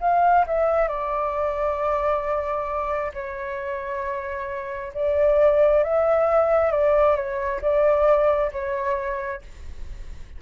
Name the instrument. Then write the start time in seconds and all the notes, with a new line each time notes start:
flute
0.00 F5
0.46 E5
0.88 D5
3.13 C#5
4.94 D5
5.83 E5
6.71 D5
7.16 C#5
7.61 D5
8.52 C#5